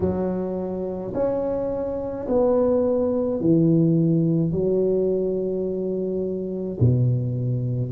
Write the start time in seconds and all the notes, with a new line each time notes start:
0.00 F#3
1.14 C#4
2.28 B3
3.40 E3
4.52 F#3
6.79 B2